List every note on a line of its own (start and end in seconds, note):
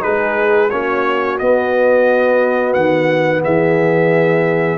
0.00 0.72 G#3
0.00 0.68 D#4
0.00 0.70 G#4
0.00 0.70 B4
0.70 1.40 A#3
0.70 1.39 C#4
0.70 3.43 F#4
0.70 1.38 C#5
1.38 4.77 B3
1.38 2.75 B3
1.38 2.73 D#5
2.73 3.43 D#3
2.73 3.41 F#5
3.43 4.77 E3
3.43 4.77 G#4
3.43 4.77 E5